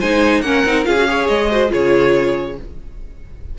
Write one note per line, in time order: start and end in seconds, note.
0.00 0.42 G#3
0.00 0.45 D#4
0.00 0.43 C5
0.00 0.42 G#5
0.42 0.63 A#3
0.42 0.66 C#4
0.42 0.88 A#4
0.42 0.84 F#5
0.65 0.87 C4
0.65 0.85 D#4
0.85 1.29 C#4
0.85 0.96 F4
0.85 1.09 G#4
0.85 1.28 F5
0.98 1.08 F#4
1.08 1.51 G#4
1.08 1.51 C#5
1.28 1.72 G#3
1.28 1.71 D#5
1.51 1.69 F#4
1.51 1.72 C5
1.69 2.59 C#3
1.69 2.54 F4
1.69 2.58 G#4
1.69 2.59 C#5